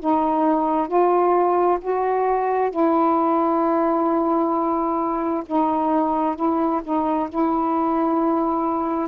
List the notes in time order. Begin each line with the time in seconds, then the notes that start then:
0.00 D#4
0.88 F4
1.81 F#4
2.71 E4
5.46 D#4
6.36 E4
6.84 D#4
7.29 E4